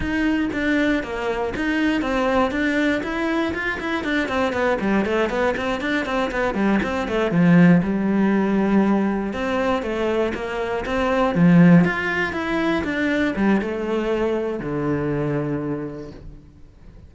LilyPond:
\new Staff \with { instrumentName = "cello" } { \time 4/4 \tempo 4 = 119 dis'4 d'4 ais4 dis'4 | c'4 d'4 e'4 f'8 e'8 | d'8 c'8 b8 g8 a8 b8 c'8 d'8 | c'8 b8 g8 c'8 a8 f4 g8~ |
g2~ g8 c'4 a8~ | a8 ais4 c'4 f4 f'8~ | f'8 e'4 d'4 g8 a4~ | a4 d2. | }